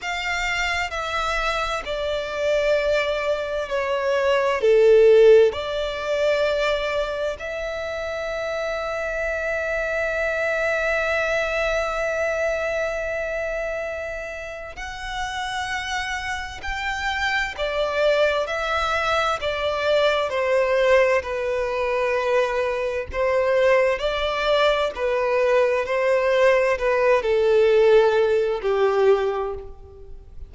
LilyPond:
\new Staff \with { instrumentName = "violin" } { \time 4/4 \tempo 4 = 65 f''4 e''4 d''2 | cis''4 a'4 d''2 | e''1~ | e''1 |
fis''2 g''4 d''4 | e''4 d''4 c''4 b'4~ | b'4 c''4 d''4 b'4 | c''4 b'8 a'4. g'4 | }